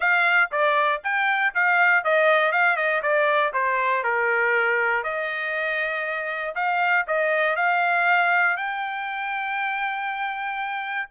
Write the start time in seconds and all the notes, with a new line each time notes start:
0.00 F5
0.51 D5
1.03 G5
1.54 F5
2.04 D#5
2.52 F5
2.76 D#5
3.02 D5
3.53 C5
4.03 A#4
5.03 D#5
6.55 F5
7.07 D#5
7.56 F5
8.56 G5